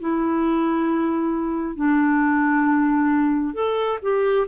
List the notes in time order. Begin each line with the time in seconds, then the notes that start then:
0.00 E4
1.75 D4
3.54 A4
4.02 G4